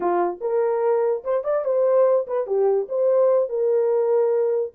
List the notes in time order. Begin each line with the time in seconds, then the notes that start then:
0.00 F4
0.40 A#4
1.23 C5
1.44 D5
1.64 C5
2.27 B4
2.46 G4
2.88 C5
3.49 A#4